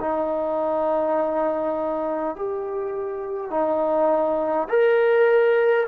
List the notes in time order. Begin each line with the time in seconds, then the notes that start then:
0.00 D#4
2.35 G4
3.50 D#4
4.69 A#4